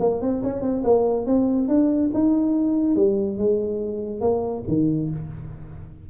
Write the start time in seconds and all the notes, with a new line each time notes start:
0.00 A#3
0.21 C4
0.43 C#4
0.62 C4
0.84 A#3
1.26 C4
1.68 D4
2.14 D#4
2.96 G3
3.38 G#3
4.21 A#3
4.68 D#3